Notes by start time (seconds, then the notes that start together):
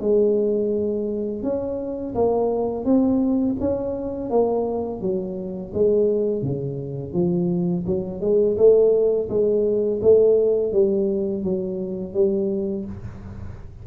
0.00 G#3
1.43 C#4
2.14 A#3
2.84 C4
3.60 C#4
4.30 A#3
5.00 F#3
5.73 G#3
6.42 C#3
7.13 F3
7.86 F#3
8.20 G#3
8.57 A3
9.29 G#3
10.02 A3
10.72 G3
11.43 F#3
12.14 G3